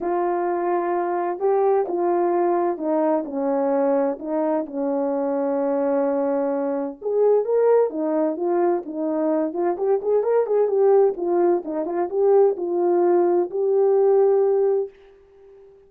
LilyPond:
\new Staff \with { instrumentName = "horn" } { \time 4/4 \tempo 4 = 129 f'2. g'4 | f'2 dis'4 cis'4~ | cis'4 dis'4 cis'2~ | cis'2. gis'4 |
ais'4 dis'4 f'4 dis'4~ | dis'8 f'8 g'8 gis'8 ais'8 gis'8 g'4 | f'4 dis'8 f'8 g'4 f'4~ | f'4 g'2. | }